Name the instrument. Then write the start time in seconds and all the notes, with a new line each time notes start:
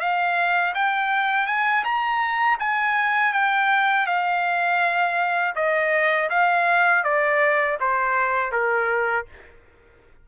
trumpet
0.00 F5
0.75 G5
1.47 G#5
1.85 A#5
2.60 G#5
3.33 G5
4.07 F5
5.56 D#5
6.30 F5
7.04 D5
7.80 C5
8.52 A#4